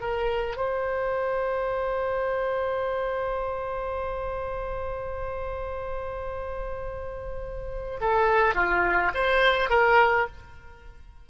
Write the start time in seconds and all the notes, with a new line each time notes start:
0.00 A#4
0.56 C5
8.00 A4
8.54 F4
9.14 C5
9.70 A#4